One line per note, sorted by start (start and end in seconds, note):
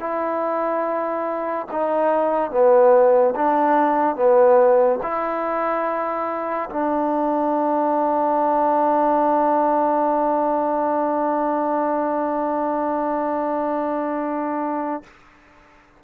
0.00 1.67 E4
1.72 2.51 D#4
2.51 3.34 B3
3.36 4.16 D4
4.16 5.00 B3
5.03 6.70 E4
6.70 15.03 D4